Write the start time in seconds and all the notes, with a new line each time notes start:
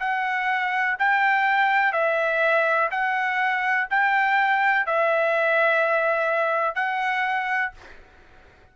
0.00 F#5
0.99 G5
1.93 E5
2.91 F#5
3.90 G5
4.87 E5
6.75 F#5